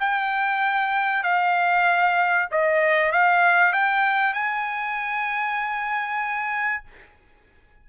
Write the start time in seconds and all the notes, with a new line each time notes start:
0.00 G5
1.24 F5
2.52 D#5
3.13 F5
3.74 G5
4.34 G#5